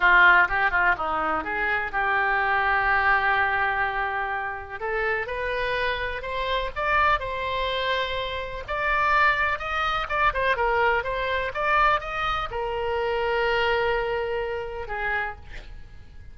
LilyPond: \new Staff \with { instrumentName = "oboe" } { \time 4/4 \tempo 4 = 125 f'4 g'8 f'8 dis'4 gis'4 | g'1~ | g'2 a'4 b'4~ | b'4 c''4 d''4 c''4~ |
c''2 d''2 | dis''4 d''8 c''8 ais'4 c''4 | d''4 dis''4 ais'2~ | ais'2. gis'4 | }